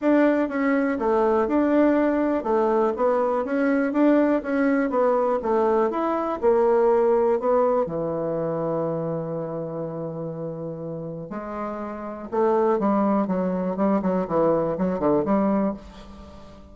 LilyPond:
\new Staff \with { instrumentName = "bassoon" } { \time 4/4 \tempo 4 = 122 d'4 cis'4 a4 d'4~ | d'4 a4 b4 cis'4 | d'4 cis'4 b4 a4 | e'4 ais2 b4 |
e1~ | e2. gis4~ | gis4 a4 g4 fis4 | g8 fis8 e4 fis8 d8 g4 | }